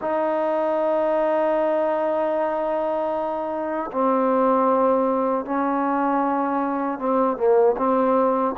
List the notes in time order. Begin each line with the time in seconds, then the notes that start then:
0.01 D#4
3.92 C4
5.45 C#4
6.98 C4
7.36 A#3
7.77 C4